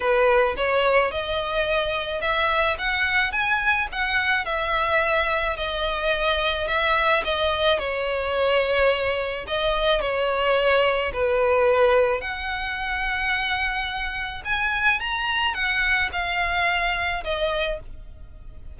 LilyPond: \new Staff \with { instrumentName = "violin" } { \time 4/4 \tempo 4 = 108 b'4 cis''4 dis''2 | e''4 fis''4 gis''4 fis''4 | e''2 dis''2 | e''4 dis''4 cis''2~ |
cis''4 dis''4 cis''2 | b'2 fis''2~ | fis''2 gis''4 ais''4 | fis''4 f''2 dis''4 | }